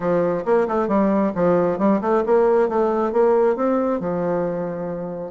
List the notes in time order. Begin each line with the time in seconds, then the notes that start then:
0.00 F3
0.45 A#3
0.67 A3
0.88 G3
1.35 F3
1.78 G3
2.01 A3
2.26 A#3
2.68 A3
3.12 A#3
3.56 C4
3.99 F3